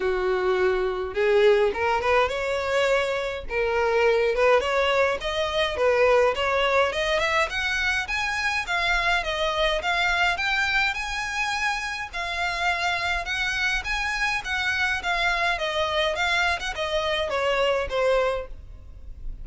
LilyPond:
\new Staff \with { instrumentName = "violin" } { \time 4/4 \tempo 4 = 104 fis'2 gis'4 ais'8 b'8 | cis''2 ais'4. b'8 | cis''4 dis''4 b'4 cis''4 | dis''8 e''8 fis''4 gis''4 f''4 |
dis''4 f''4 g''4 gis''4~ | gis''4 f''2 fis''4 | gis''4 fis''4 f''4 dis''4 | f''8. fis''16 dis''4 cis''4 c''4 | }